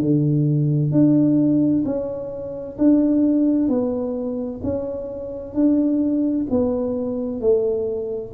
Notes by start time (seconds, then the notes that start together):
0.00 D3
0.91 D4
1.85 C#4
2.78 D4
3.68 B3
4.63 C#4
5.54 D4
6.50 B3
7.41 A3